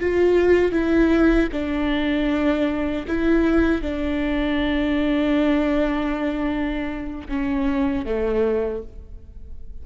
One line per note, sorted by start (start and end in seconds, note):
0.00 0.72 F4
0.72 1.49 E4
1.52 3.06 D4
3.07 3.81 E4
3.81 7.28 D4
7.29 8.05 C#4
8.05 8.82 A3